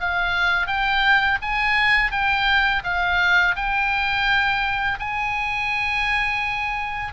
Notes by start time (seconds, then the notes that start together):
0.00 F5
0.67 G5
1.42 G#5
2.11 G5
2.84 F5
3.56 G5
4.99 G#5